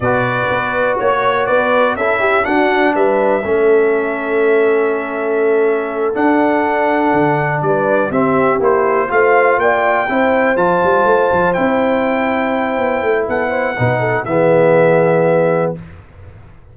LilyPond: <<
  \new Staff \with { instrumentName = "trumpet" } { \time 4/4 \tempo 4 = 122 d''2 cis''4 d''4 | e''4 fis''4 e''2~ | e''1~ | e''8 fis''2. d''8~ |
d''8 e''4 c''4 f''4 g''8~ | g''4. a''2 g''8~ | g''2. fis''4~ | fis''4 e''2. | }
  \new Staff \with { instrumentName = "horn" } { \time 4/4 b'2 cis''4 b'4 | a'8 g'8 fis'4 b'4 a'4~ | a'1~ | a'2.~ a'8 b'8~ |
b'8 g'2 c''4 d''8~ | d''8 c''2.~ c''8~ | c''2. a'8 c''8 | b'8 a'8 gis'2. | }
  \new Staff \with { instrumentName = "trombone" } { \time 4/4 fis'1 | e'4 d'2 cis'4~ | cis'1~ | cis'8 d'2.~ d'8~ |
d'8 c'4 e'4 f'4.~ | f'8 e'4 f'2 e'8~ | e'1 | dis'4 b2. | }
  \new Staff \with { instrumentName = "tuba" } { \time 4/4 b,4 b4 ais4 b4 | cis'4 d'4 g4 a4~ | a1~ | a8 d'2 d4 g8~ |
g8 c'4 ais4 a4 ais8~ | ais8 c'4 f8 g8 a8 f8 c'8~ | c'2 b8 a8 b4 | b,4 e2. | }
>>